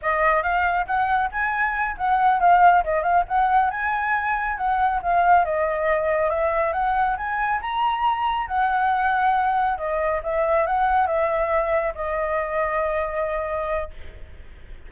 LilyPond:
\new Staff \with { instrumentName = "flute" } { \time 4/4 \tempo 4 = 138 dis''4 f''4 fis''4 gis''4~ | gis''8 fis''4 f''4 dis''8 f''8 fis''8~ | fis''8 gis''2 fis''4 f''8~ | f''8 dis''2 e''4 fis''8~ |
fis''8 gis''4 ais''2 fis''8~ | fis''2~ fis''8 dis''4 e''8~ | e''8 fis''4 e''2 dis''8~ | dis''1 | }